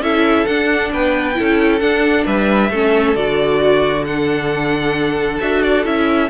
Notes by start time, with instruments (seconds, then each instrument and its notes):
0.00 cello C#4, viola E4, violin A4 E5
0.46 cello D4, viola D4, violin F#5
0.93 cello B3, violin B4 G5
1.34 cello C#4, viola E4, violin A4
1.79 viola D4, cello D4, violin F#5
2.25 cello G3, violin B4 E5
2.69 cello A3, viola C#4, violin A4
3.15 cello D3, viola F#4, violin D5
3.62 violin F#4
4.04 viola D4, violin A4 F#5
5.41 cello D4, viola F#4, violin E5
5.62 violin D5
5.84 cello C#4, viola E4, violin E5